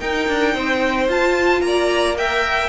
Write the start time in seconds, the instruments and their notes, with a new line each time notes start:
0.00 viola D#4, cello D#4, violin A#4 G5
0.28 cello D4
0.54 cello C4, violin C5
1.08 cello F4, viola F4, violin A5
1.61 cello A#3, violin D5 A#5
2.16 viola A#4, violin E5 G5